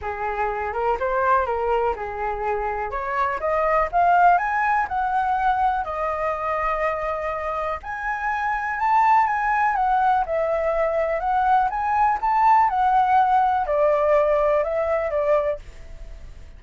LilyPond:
\new Staff \with { instrumentName = "flute" } { \time 4/4 \tempo 4 = 123 gis'4. ais'8 c''4 ais'4 | gis'2 cis''4 dis''4 | f''4 gis''4 fis''2 | dis''1 |
gis''2 a''4 gis''4 | fis''4 e''2 fis''4 | gis''4 a''4 fis''2 | d''2 e''4 d''4 | }